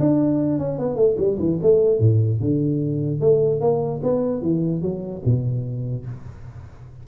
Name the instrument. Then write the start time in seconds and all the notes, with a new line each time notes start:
tuba
0.00 D4
0.59 C#4
0.79 B3
0.96 A3
1.18 G3
1.39 E3
1.63 A3
2.00 A2
2.40 D3
3.21 A3
3.61 A#3
4.03 B3
4.42 E3
4.82 F#3
5.25 B2